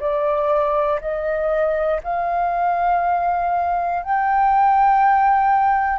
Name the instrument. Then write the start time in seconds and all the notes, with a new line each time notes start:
flute
0.00 D5
1.00 D#5
2.04 F5
4.03 G5